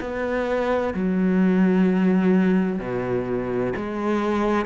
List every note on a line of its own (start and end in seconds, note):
0.00 0.94 B3
0.94 2.79 F#3
2.79 3.73 B2
3.76 4.65 G#3